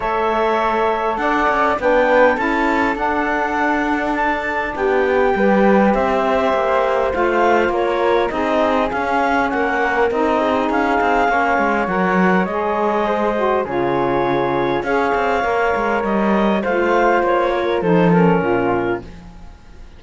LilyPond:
<<
  \new Staff \with { instrumentName = "clarinet" } { \time 4/4 \tempo 4 = 101 e''2 fis''4 g''4 | a''4 fis''2 a''4 | g''2 e''2 | f''4 cis''4 dis''4 f''4 |
fis''4 dis''4 f''2 | fis''4 dis''2 cis''4~ | cis''4 f''2 dis''4 | f''4 cis''4 c''8 ais'4. | }
  \new Staff \with { instrumentName = "flute" } { \time 4/4 cis''2 d''4 b'4 | a'1 | g'4 b'4 c''2~ | c''4 ais'4 gis'2 |
ais'4. gis'4. cis''4~ | cis''2 c''4 gis'4~ | gis'4 cis''2. | c''4. ais'8 a'4 f'4 | }
  \new Staff \with { instrumentName = "saxophone" } { \time 4/4 a'2. d'4 | e'4 d'2.~ | d'4 g'2. | f'2 dis'4 cis'4~ |
cis'4 dis'2 cis'4 | ais'4 gis'4. fis'8 f'4~ | f'4 gis'4 ais'2 | f'2 dis'8 cis'4. | }
  \new Staff \with { instrumentName = "cello" } { \time 4/4 a2 d'8 cis'8 b4 | cis'4 d'2. | b4 g4 c'4 ais4 | a4 ais4 c'4 cis'4 |
ais4 c'4 cis'8 c'8 ais8 gis8 | fis4 gis2 cis4~ | cis4 cis'8 c'8 ais8 gis8 g4 | a4 ais4 f4 ais,4 | }
>>